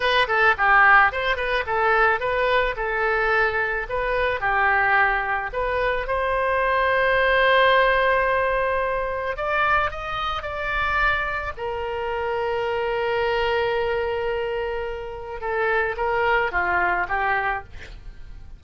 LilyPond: \new Staff \with { instrumentName = "oboe" } { \time 4/4 \tempo 4 = 109 b'8 a'8 g'4 c''8 b'8 a'4 | b'4 a'2 b'4 | g'2 b'4 c''4~ | c''1~ |
c''4 d''4 dis''4 d''4~ | d''4 ais'2.~ | ais'1 | a'4 ais'4 f'4 g'4 | }